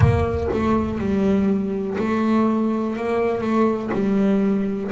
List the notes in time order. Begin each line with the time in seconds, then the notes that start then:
0.00 A#3
0.52 A3
0.98 G3
1.98 A3
2.96 A#3
3.41 A3
3.93 G3